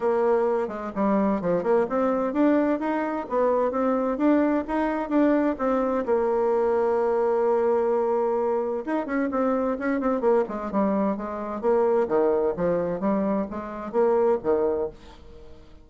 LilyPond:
\new Staff \with { instrumentName = "bassoon" } { \time 4/4 \tempo 4 = 129 ais4. gis8 g4 f8 ais8 | c'4 d'4 dis'4 b4 | c'4 d'4 dis'4 d'4 | c'4 ais2.~ |
ais2. dis'8 cis'8 | c'4 cis'8 c'8 ais8 gis8 g4 | gis4 ais4 dis4 f4 | g4 gis4 ais4 dis4 | }